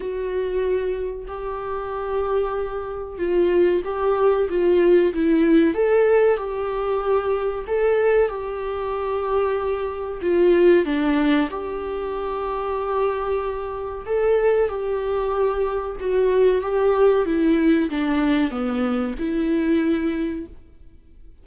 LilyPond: \new Staff \with { instrumentName = "viola" } { \time 4/4 \tempo 4 = 94 fis'2 g'2~ | g'4 f'4 g'4 f'4 | e'4 a'4 g'2 | a'4 g'2. |
f'4 d'4 g'2~ | g'2 a'4 g'4~ | g'4 fis'4 g'4 e'4 | d'4 b4 e'2 | }